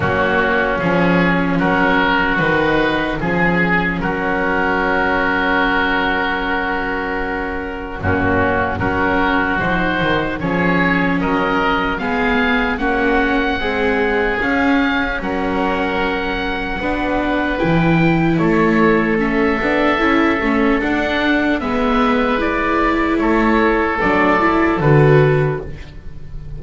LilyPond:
<<
  \new Staff \with { instrumentName = "oboe" } { \time 4/4 \tempo 4 = 75 fis'4 gis'4 ais'4 b'4 | gis'4 ais'2.~ | ais'2 fis'4 ais'4 | c''4 cis''4 dis''4 f''4 |
fis''2 f''4 fis''4~ | fis''2 g''4 cis''4 | e''2 fis''4 e''4 | d''4 cis''4 d''4 b'4 | }
  \new Staff \with { instrumentName = "oboe" } { \time 4/4 cis'2 fis'2 | gis'4 fis'2.~ | fis'2 cis'4 fis'4~ | fis'4 gis'4 ais'4 gis'4 |
fis'4 gis'2 ais'4~ | ais'4 b'2 a'4~ | a'2. b'4~ | b'4 a'2. | }
  \new Staff \with { instrumentName = "viola" } { \time 4/4 ais4 cis'2 dis'4 | cis'1~ | cis'2 ais4 cis'4 | dis'4 cis'2 b4 |
cis'4 gis4 cis'2~ | cis'4 d'4 e'2 | cis'8 d'8 e'8 cis'8 d'4 b4 | e'2 d'8 e'8 fis'4 | }
  \new Staff \with { instrumentName = "double bass" } { \time 4/4 fis4 f4 fis4 dis4 | f4 fis2.~ | fis2 fis,4 fis4 | f8 dis8 f4 fis4 gis4 |
ais4 c'4 cis'4 fis4~ | fis4 b4 e4 a4~ | a8 b8 cis'8 a8 d'4 gis4~ | gis4 a4 fis4 d4 | }
>>